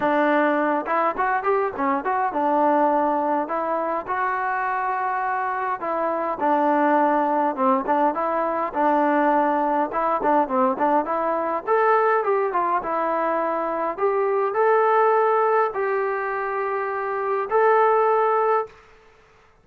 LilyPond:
\new Staff \with { instrumentName = "trombone" } { \time 4/4 \tempo 4 = 103 d'4. e'8 fis'8 g'8 cis'8 fis'8 | d'2 e'4 fis'4~ | fis'2 e'4 d'4~ | d'4 c'8 d'8 e'4 d'4~ |
d'4 e'8 d'8 c'8 d'8 e'4 | a'4 g'8 f'8 e'2 | g'4 a'2 g'4~ | g'2 a'2 | }